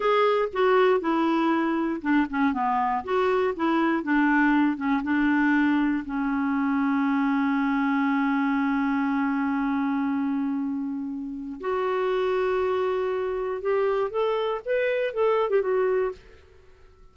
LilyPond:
\new Staff \with { instrumentName = "clarinet" } { \time 4/4 \tempo 4 = 119 gis'4 fis'4 e'2 | d'8 cis'8 b4 fis'4 e'4 | d'4. cis'8 d'2 | cis'1~ |
cis'1~ | cis'2. fis'4~ | fis'2. g'4 | a'4 b'4 a'8. g'16 fis'4 | }